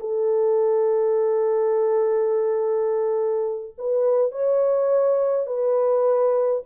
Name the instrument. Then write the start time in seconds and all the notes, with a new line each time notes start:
horn
0.00 A4
3.78 B4
4.31 C#5
5.46 B4